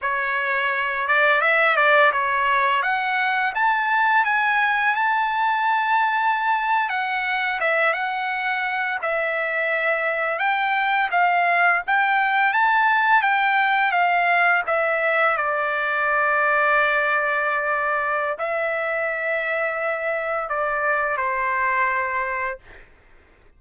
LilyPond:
\new Staff \with { instrumentName = "trumpet" } { \time 4/4 \tempo 4 = 85 cis''4. d''8 e''8 d''8 cis''4 | fis''4 a''4 gis''4 a''4~ | a''4.~ a''16 fis''4 e''8 fis''8.~ | fis''8. e''2 g''4 f''16~ |
f''8. g''4 a''4 g''4 f''16~ | f''8. e''4 d''2~ d''16~ | d''2 e''2~ | e''4 d''4 c''2 | }